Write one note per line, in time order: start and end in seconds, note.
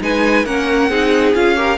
0.00 0.45 G#3
0.00 0.44 D#4
0.00 0.45 B4
0.00 0.45 G#5
0.45 0.89 A#3
0.45 0.90 C#4
0.45 0.90 A#4
0.45 1.34 F#5
0.89 1.33 C4
0.89 1.34 D#4
0.89 1.56 G#4
1.34 1.77 C#4
1.34 1.55 F4
1.34 1.77 F5
1.55 1.77 G4
1.55 1.77 A#4